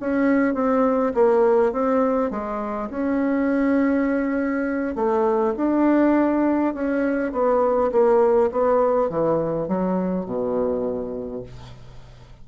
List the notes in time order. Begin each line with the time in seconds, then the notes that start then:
0.00 C#4
0.55 C4
1.14 A#3
1.72 C4
2.31 G#3
2.90 C#4
4.96 A3
5.57 D4
6.74 C#4
7.33 B3
7.92 A#3
8.52 B3
9.10 E3
9.68 F#3
10.26 B2